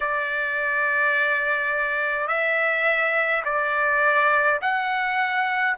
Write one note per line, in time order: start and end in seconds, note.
0.00 2.27 D5
2.27 3.42 E5
3.44 4.59 D5
4.61 5.76 F#5